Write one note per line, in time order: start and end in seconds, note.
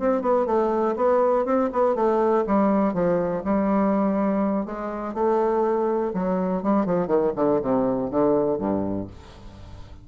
0.00 0.22 C4
0.22 0.46 B3
0.46 0.96 A3
0.97 1.46 B3
1.46 1.70 C4
1.73 1.96 B3
1.96 2.45 A3
2.47 2.94 G3
2.94 3.43 F3
3.45 4.66 G3
4.66 5.15 G#3
5.15 6.13 A3
6.14 6.63 F#3
6.63 6.86 G3
6.86 7.08 F3
7.08 7.33 D#3
7.36 7.61 D3
7.63 8.11 C3
8.11 8.58 D3
8.58 9.08 G2